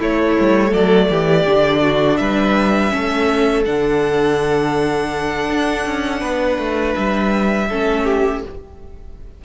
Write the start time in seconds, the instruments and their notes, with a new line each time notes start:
0.00 cello A3, viola A3, violin E4 C#5
0.40 cello G3
0.70 cello F#3, violin A4 D5
1.10 cello E3, violin G4
1.46 cello D3, viola D4
1.82 violin F#4
2.17 cello G3, violin B4 E5
2.90 cello A3, viola C#4, violin A4
3.66 cello D3, viola D4, violin F#5
5.50 cello D4
5.86 cello C#4
6.20 cello B3, violin B4
6.59 cello A3
6.96 cello G3, violin E5
7.70 cello A3, viola C#4, violin A4
8.05 violin G4